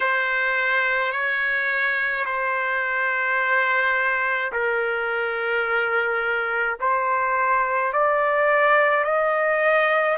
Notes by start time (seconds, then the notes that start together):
0.00 C5
1.12 C#5
2.25 C5
4.52 A#4
6.80 C5
7.92 D5
9.04 D#5